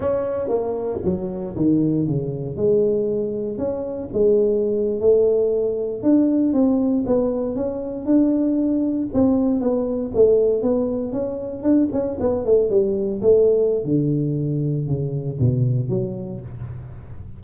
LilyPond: \new Staff \with { instrumentName = "tuba" } { \time 4/4 \tempo 4 = 117 cis'4 ais4 fis4 dis4 | cis4 gis2 cis'4 | gis4.~ gis16 a2 d'16~ | d'8. c'4 b4 cis'4 d'16~ |
d'4.~ d'16 c'4 b4 a16~ | a8. b4 cis'4 d'8 cis'8 b16~ | b16 a8 g4 a4~ a16 d4~ | d4 cis4 b,4 fis4 | }